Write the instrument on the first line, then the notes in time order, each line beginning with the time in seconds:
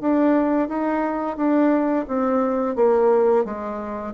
bassoon
0.00 D4
0.68 D#4
1.36 D4
2.07 C4
2.75 A#3
3.45 G#3